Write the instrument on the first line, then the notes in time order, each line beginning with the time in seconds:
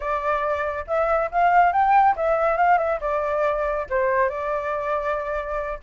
flute
0.00 D5
0.87 E5
1.31 F5
1.72 G5
2.15 E5
2.57 F5
2.78 E5
3.00 D5
3.89 C5
4.29 D5